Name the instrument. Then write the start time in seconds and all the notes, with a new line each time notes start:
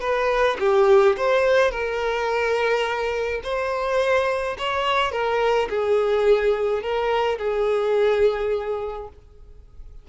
violin
0.00 B4
0.59 G4
1.17 C5
1.71 A#4
3.43 C5
4.58 C#5
5.12 A#4
5.69 G#4
6.82 A#4
7.38 G#4